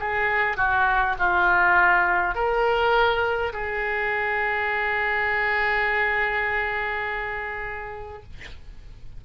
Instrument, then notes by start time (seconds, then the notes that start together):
oboe
0.00 G#4
0.57 F#4
1.19 F4
2.35 A#4
3.53 G#4